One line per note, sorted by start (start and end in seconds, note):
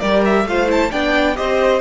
0.00 0.46 G3
0.00 0.48 G4
0.00 0.46 A#4
0.00 0.23 D5
0.25 0.48 E5
0.46 0.91 A3
0.46 0.67 F4
0.46 0.91 C5
0.46 0.70 F5
0.67 0.90 E4
0.67 0.92 A5
0.91 1.38 B3
0.91 1.36 D4
0.91 1.36 D5
0.91 1.37 G5
1.36 1.81 C4
1.36 1.81 G4
1.36 1.81 C5
1.36 1.81 D#5